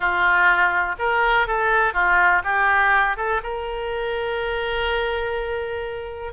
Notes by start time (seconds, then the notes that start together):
0.00 F4
0.99 A#4
1.47 A4
1.93 F4
2.44 G4
3.16 A4
3.43 A#4